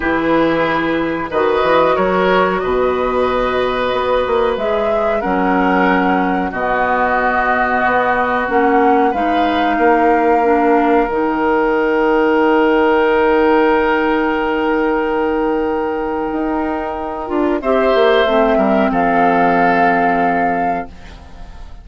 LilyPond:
<<
  \new Staff \with { instrumentName = "flute" } { \time 4/4 \tempo 4 = 92 b'2 dis''4 cis''4 | dis''2. e''4 | fis''2 dis''2~ | dis''4 fis''4 f''2~ |
f''4 g''2.~ | g''1~ | g''2. e''4~ | e''4 f''2. | }
  \new Staff \with { instrumentName = "oboe" } { \time 4/4 gis'2 b'4 ais'4 | b'1 | ais'2 fis'2~ | fis'2 b'4 ais'4~ |
ais'1~ | ais'1~ | ais'2. c''4~ | c''8 ais'8 a'2. | }
  \new Staff \with { instrumentName = "clarinet" } { \time 4/4 e'2 fis'2~ | fis'2. gis'4 | cis'2 b2~ | b4 cis'4 dis'2 |
d'4 dis'2.~ | dis'1~ | dis'2~ dis'8 f'8 g'4 | c'1 | }
  \new Staff \with { instrumentName = "bassoon" } { \time 4/4 e2 dis8 e8 fis4 | b,2 b8 ais8 gis4 | fis2 b,2 | b4 ais4 gis4 ais4~ |
ais4 dis2.~ | dis1~ | dis4 dis'4. d'8 c'8 ais8 | a8 g8 f2. | }
>>